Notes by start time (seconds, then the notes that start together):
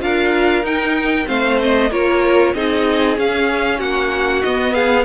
0.00 D4 F4 A#4 F5
0.63 D#4 G5
1.25 A3 C4 C5 F5
1.63 D#5
1.91 A#3 F4 A#4 C#5
2.54 C4 D#4 G#4 D#5
3.16 C#4 F5
3.79 A#3 F#4 F#5
4.42 B3 D#5
4.74 G#4 F5